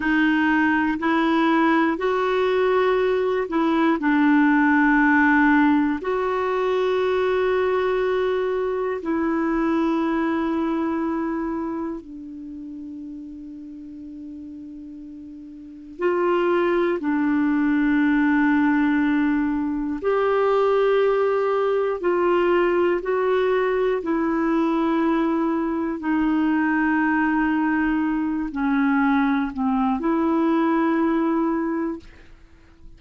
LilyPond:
\new Staff \with { instrumentName = "clarinet" } { \time 4/4 \tempo 4 = 60 dis'4 e'4 fis'4. e'8 | d'2 fis'2~ | fis'4 e'2. | d'1 |
f'4 d'2. | g'2 f'4 fis'4 | e'2 dis'2~ | dis'8 cis'4 c'8 e'2 | }